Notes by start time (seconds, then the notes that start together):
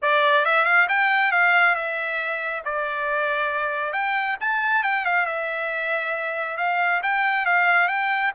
0.01 D5
0.45 E5
0.65 F5
0.89 G5
1.31 F5
1.75 E5
2.64 D5
3.92 G5
4.40 A5
4.83 G5
5.05 F5
5.26 E5
6.57 F5
7.03 G5
7.45 F5
7.87 G5